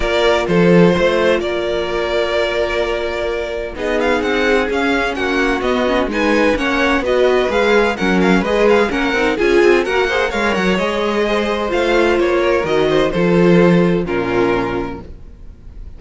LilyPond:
<<
  \new Staff \with { instrumentName = "violin" } { \time 4/4 \tempo 4 = 128 d''4 c''2 d''4~ | d''1 | dis''8 f''8 fis''4 f''4 fis''4 | dis''4 gis''4 fis''4 dis''4 |
f''4 fis''8 f''8 dis''8 f''8 fis''4 | gis''4 fis''4 f''8 fis''8 dis''4~ | dis''4 f''4 cis''4 dis''4 | c''2 ais'2 | }
  \new Staff \with { instrumentName = "violin" } { \time 4/4 ais'4 a'4 c''4 ais'4~ | ais'1 | gis'2. fis'4~ | fis'4 b'4 cis''4 b'4~ |
b'4 ais'4 b'4 ais'4 | gis'4 ais'8 c''8 cis''2 | c''2~ c''8 ais'4 c''8 | a'2 f'2 | }
  \new Staff \with { instrumentName = "viola" } { \time 4/4 f'1~ | f'1 | dis'2 cis'2 | b8 cis'8 dis'4 cis'4 fis'4 |
gis'4 cis'4 gis'4 cis'8 dis'8 | f'4 fis'8 gis'8 ais'4 gis'4~ | gis'4 f'2 fis'4 | f'2 cis'2 | }
  \new Staff \with { instrumentName = "cello" } { \time 4/4 ais4 f4 a4 ais4~ | ais1 | b4 c'4 cis'4 ais4 | b4 gis4 ais4 b4 |
gis4 fis4 gis4 ais8 c'8 | cis'8 c'8 ais4 gis8 fis8 gis4~ | gis4 a4 ais4 dis4 | f2 ais,2 | }
>>